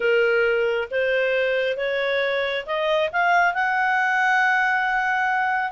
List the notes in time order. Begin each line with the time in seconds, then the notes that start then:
0.00 A#4
0.91 C5
1.76 C#5
2.66 D#5
3.12 F5
3.53 F#5